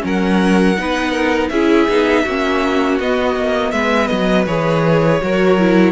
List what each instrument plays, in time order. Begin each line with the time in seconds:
0.00 cello F#3, viola C#4, violin A#4
0.07 violin F#5
0.77 cello B3, viola D#4, violin B4
1.12 violin A#4
1.49 cello C#4, viola E4, violin G#4 E5
1.89 cello B3, viola D#4
2.25 cello A#3, viola C#4, violin F#4
3.00 cello B3, viola B3, violin D#5
3.36 cello A#3
3.72 cello G#3, violin B4 E5
4.08 cello F#3, violin D#5
4.47 cello E3, viola G#4, violin C#5
5.22 cello F#3, viola F#4, violin A#4
5.59 viola E4